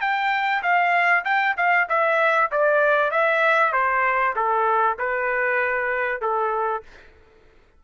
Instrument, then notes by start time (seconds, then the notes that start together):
trumpet
0.00 G5
0.62 F5
1.24 G5
1.57 F5
1.88 E5
2.51 D5
3.11 E5
3.72 C5
4.35 A4
4.98 B4
6.21 A4